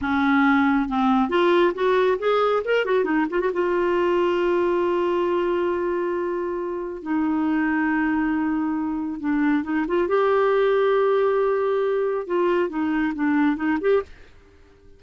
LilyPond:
\new Staff \with { instrumentName = "clarinet" } { \time 4/4 \tempo 4 = 137 cis'2 c'4 f'4 | fis'4 gis'4 ais'8 fis'8 dis'8 f'16 fis'16 | f'1~ | f'1 |
dis'1~ | dis'4 d'4 dis'8 f'8 g'4~ | g'1 | f'4 dis'4 d'4 dis'8 g'8 | }